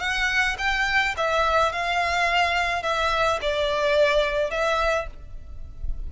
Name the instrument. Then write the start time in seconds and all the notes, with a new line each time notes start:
violin
0.00 F#5
0.58 G5
1.17 E5
1.72 F5
2.83 E5
3.41 D5
4.51 E5